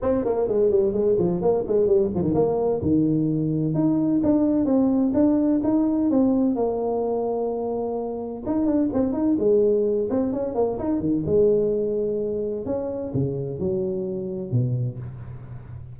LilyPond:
\new Staff \with { instrumentName = "tuba" } { \time 4/4 \tempo 4 = 128 c'8 ais8 gis8 g8 gis8 f8 ais8 gis8 | g8 f16 dis16 ais4 dis2 | dis'4 d'4 c'4 d'4 | dis'4 c'4 ais2~ |
ais2 dis'8 d'8 c'8 dis'8 | gis4. c'8 cis'8 ais8 dis'8 dis8 | gis2. cis'4 | cis4 fis2 b,4 | }